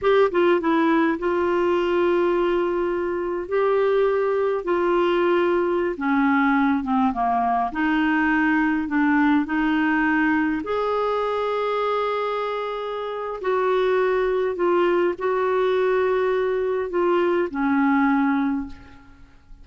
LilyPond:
\new Staff \with { instrumentName = "clarinet" } { \time 4/4 \tempo 4 = 103 g'8 f'8 e'4 f'2~ | f'2 g'2 | f'2~ f'16 cis'4. c'16~ | c'16 ais4 dis'2 d'8.~ |
d'16 dis'2 gis'4.~ gis'16~ | gis'2. fis'4~ | fis'4 f'4 fis'2~ | fis'4 f'4 cis'2 | }